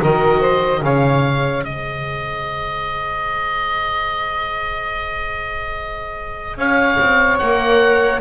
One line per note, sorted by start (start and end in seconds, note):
0.00 0.83 D#3
0.00 0.84 F#4
0.00 0.40 A#4
0.00 0.85 D#5
0.40 0.81 C5
0.83 1.64 C#3
0.83 7.41 G#4
0.83 1.66 C#5
0.83 1.65 F5
1.64 6.57 G#3
1.64 6.58 C5
1.64 6.58 D#5
6.57 6.98 C#4
6.57 8.21 C#5
6.57 7.39 F5
7.00 7.41 C4
7.39 8.21 A#3
7.39 8.21 A#4
7.39 8.21 F#5